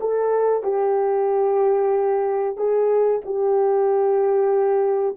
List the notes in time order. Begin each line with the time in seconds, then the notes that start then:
0.00 A4
0.63 G4
2.57 G#4
3.25 G4